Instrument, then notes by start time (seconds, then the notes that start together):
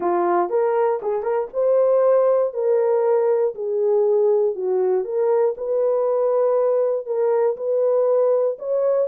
horn
0.00 F4
0.49 A#4
1.02 G#4
1.22 A#4
1.53 C5
2.53 A#4
3.54 G#4
4.55 F#4
5.04 A#4
5.57 B4
7.05 A#4
7.56 B4
8.59 C#5